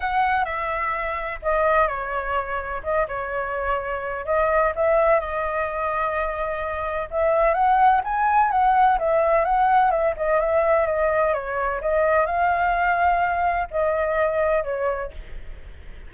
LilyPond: \new Staff \with { instrumentName = "flute" } { \time 4/4 \tempo 4 = 127 fis''4 e''2 dis''4 | cis''2 dis''8 cis''4.~ | cis''4 dis''4 e''4 dis''4~ | dis''2. e''4 |
fis''4 gis''4 fis''4 e''4 | fis''4 e''8 dis''8 e''4 dis''4 | cis''4 dis''4 f''2~ | f''4 dis''2 cis''4 | }